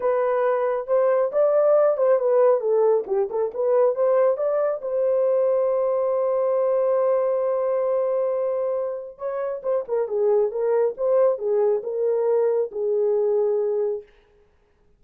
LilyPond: \new Staff \with { instrumentName = "horn" } { \time 4/4 \tempo 4 = 137 b'2 c''4 d''4~ | d''8 c''8 b'4 a'4 g'8 a'8 | b'4 c''4 d''4 c''4~ | c''1~ |
c''1~ | c''4 cis''4 c''8 ais'8 gis'4 | ais'4 c''4 gis'4 ais'4~ | ais'4 gis'2. | }